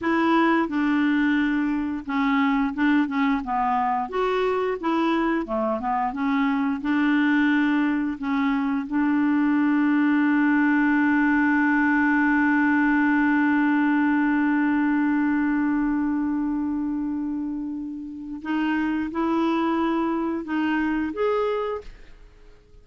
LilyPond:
\new Staff \with { instrumentName = "clarinet" } { \time 4/4 \tempo 4 = 88 e'4 d'2 cis'4 | d'8 cis'8 b4 fis'4 e'4 | a8 b8 cis'4 d'2 | cis'4 d'2.~ |
d'1~ | d'1~ | d'2. dis'4 | e'2 dis'4 gis'4 | }